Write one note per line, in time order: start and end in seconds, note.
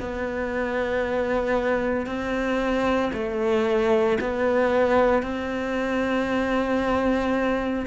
0.00 2.06 B3
2.06 3.11 C4
3.13 4.18 A3
4.21 5.23 B3
5.23 7.86 C4